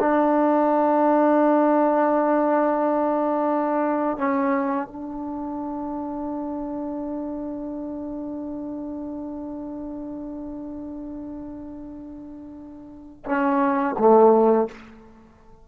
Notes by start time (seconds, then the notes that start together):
0.00 D4
4.18 C#4
4.87 D4
13.26 C#4
13.99 A3